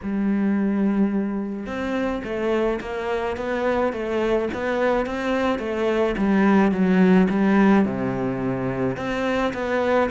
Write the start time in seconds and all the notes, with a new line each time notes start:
0.03 G3
1.66 C4
2.24 A3
2.80 A#3
3.36 B3
3.93 A3
4.53 B3
5.05 C4
5.58 A3
6.17 G3
6.71 F#3
7.29 G3
7.85 C3
8.96 C4
9.53 B3